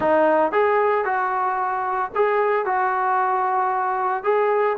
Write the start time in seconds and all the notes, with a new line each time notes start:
0.00 D#4
0.51 G#4
1.05 F#4
2.15 G#4
2.65 F#4
4.23 G#4